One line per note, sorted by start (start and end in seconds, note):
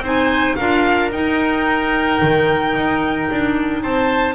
0.00 0.54 C4
0.00 0.58 D#4
0.00 0.57 C5
0.07 0.56 G#5
0.56 1.12 D4
0.56 1.12 F4
0.56 3.81 A#4
0.56 1.10 F5
1.12 4.35 D#4
1.12 2.21 D#4
1.12 3.83 G5
2.22 2.76 D#3
2.76 3.30 D#4
3.31 3.83 D4
3.82 4.35 C4
3.82 4.35 C5
3.82 4.35 A5